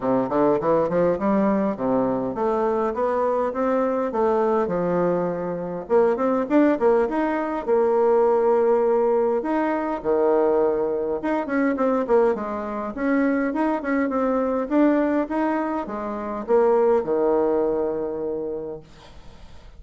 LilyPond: \new Staff \with { instrumentName = "bassoon" } { \time 4/4 \tempo 4 = 102 c8 d8 e8 f8 g4 c4 | a4 b4 c'4 a4 | f2 ais8 c'8 d'8 ais8 | dis'4 ais2. |
dis'4 dis2 dis'8 cis'8 | c'8 ais8 gis4 cis'4 dis'8 cis'8 | c'4 d'4 dis'4 gis4 | ais4 dis2. | }